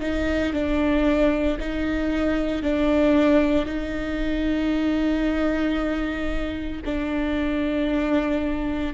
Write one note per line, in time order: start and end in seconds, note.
0.00 0.53 D#4
0.53 1.58 D4
1.59 2.62 D#4
2.62 3.65 D4
3.65 6.81 D#4
6.85 8.93 D4